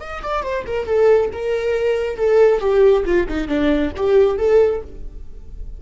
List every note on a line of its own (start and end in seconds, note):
0.00 0.22 D#5
0.22 0.43 D5
0.43 0.64 C5
0.66 0.86 A#4
0.86 1.30 A4
1.32 2.17 A#4
2.17 2.60 A4
2.60 3.04 G4
3.05 3.27 F4
3.28 3.47 D#4
3.47 3.91 D4
3.96 4.38 G4
4.38 4.81 A4